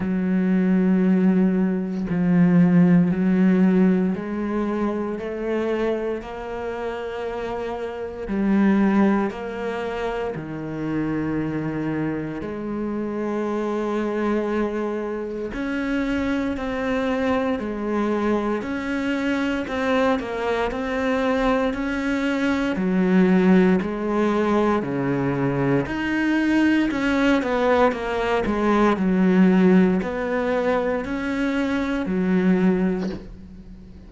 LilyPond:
\new Staff \with { instrumentName = "cello" } { \time 4/4 \tempo 4 = 58 fis2 f4 fis4 | gis4 a4 ais2 | g4 ais4 dis2 | gis2. cis'4 |
c'4 gis4 cis'4 c'8 ais8 | c'4 cis'4 fis4 gis4 | cis4 dis'4 cis'8 b8 ais8 gis8 | fis4 b4 cis'4 fis4 | }